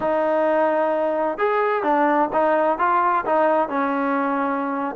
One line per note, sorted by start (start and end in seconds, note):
0.00 1.38 D#4
1.38 1.83 G#4
1.83 2.29 D4
2.32 2.78 D#4
2.78 3.24 F4
3.25 3.68 D#4
3.68 4.95 C#4